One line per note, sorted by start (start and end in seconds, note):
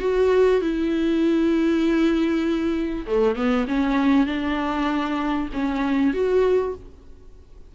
0.00 0.61 F#4
0.62 3.06 E4
3.07 3.36 A3
3.36 3.66 B3
3.68 4.27 C#4
4.27 5.49 D4
5.54 6.14 C#4
6.14 6.75 F#4